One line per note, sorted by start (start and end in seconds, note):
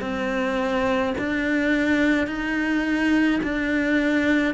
0.00 1.13 C4
1.18 2.26 D4
2.26 3.40 D#4
3.43 4.54 D4